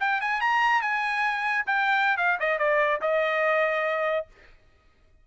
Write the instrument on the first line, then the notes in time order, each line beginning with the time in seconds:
trumpet
0.00 G5
0.21 G#5
0.41 A#5
0.82 G#5
1.66 G5
2.17 F5
2.40 D#5
2.58 D5
3.01 D#5